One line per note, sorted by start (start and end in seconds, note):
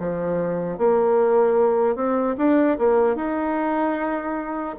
0.00 0.79 F3
0.79 1.96 A#3
1.96 2.36 C4
2.38 2.78 D4
2.79 3.16 A#3
3.16 4.76 D#4